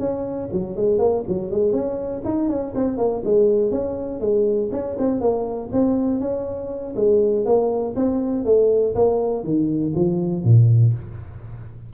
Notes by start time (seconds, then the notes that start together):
0.00 C#4
0.53 F#3
0.77 G#3
0.99 A#3
1.28 F#3
1.51 G#3
1.73 C#4
2.25 D#4
2.50 C#4
2.75 C4
2.98 A#3
3.25 G#3
3.72 C#4
4.21 G#3
4.72 C#4
4.99 C4
5.21 A#3
5.73 C4
6.21 C#4
6.96 G#3
7.46 A#3
7.97 C4
8.46 A3
8.95 A#3
9.44 D#3
9.96 F3
10.44 A#2